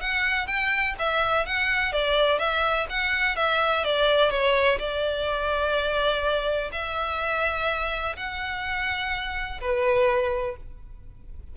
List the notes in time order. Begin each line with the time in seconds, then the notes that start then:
0.00 F#5
0.47 G5
0.98 E5
1.46 F#5
1.92 D5
2.38 E5
2.89 F#5
3.36 E5
3.84 D5
4.30 C#5
4.78 D5
6.72 E5
8.16 F#5
9.60 B4